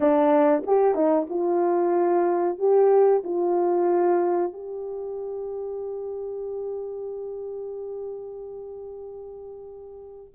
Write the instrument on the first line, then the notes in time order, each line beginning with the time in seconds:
horn
0.00 D4
0.66 G4
0.94 D#4
1.29 F4
2.58 G4
3.24 F4
4.52 G4